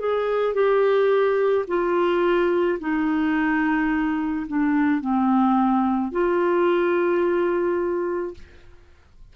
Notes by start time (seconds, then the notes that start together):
0.00 G#4
0.55 G4
1.68 F4
2.80 D#4
4.48 D4
5.01 C4
6.12 F4